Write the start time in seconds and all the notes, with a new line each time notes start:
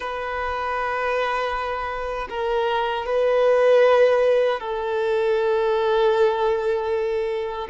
0.00 B4
2.29 A#4
3.06 B4
4.60 A4